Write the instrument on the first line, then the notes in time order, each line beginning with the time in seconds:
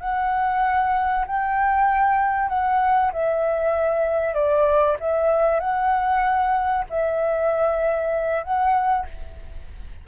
flute
0.00 F#5
1.26 G5
2.49 F#5
3.12 E5
4.34 D5
4.99 E5
5.60 F#5
6.89 E5
8.43 F#5